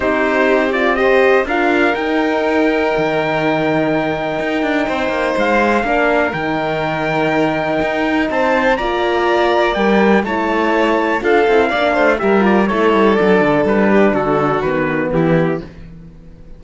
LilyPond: <<
  \new Staff \with { instrumentName = "trumpet" } { \time 4/4 \tempo 4 = 123 c''4. d''8 dis''4 f''4 | g''1~ | g''2. f''4~ | f''4 g''2.~ |
g''4 a''4 ais''2 | g''4 a''2 f''4~ | f''4 e''8 d''8 cis''4 d''4 | b'4 a'4 b'4 g'4 | }
  \new Staff \with { instrumentName = "violin" } { \time 4/4 g'2 c''4 ais'4~ | ais'1~ | ais'2 c''2 | ais'1~ |
ais'4 c''4 d''2~ | d''4 cis''2 a'4 | d''8 c''8 ais'4 a'2~ | a'8 g'8 fis'2 e'4 | }
  \new Staff \with { instrumentName = "horn" } { \time 4/4 dis'4. f'8 g'4 f'4 | dis'1~ | dis'1 | d'4 dis'2.~ |
dis'2 f'2 | ais'4 e'2 f'8 e'8 | d'4 g'8 f'8 e'4 d'4~ | d'2 b2 | }
  \new Staff \with { instrumentName = "cello" } { \time 4/4 c'2. d'4 | dis'2 dis2~ | dis4 dis'8 d'8 c'8 ais8 gis4 | ais4 dis2. |
dis'4 c'4 ais2 | g4 a2 d'8 c'8 | ais8 a8 g4 a8 g8 fis8 d8 | g4 d4 dis4 e4 | }
>>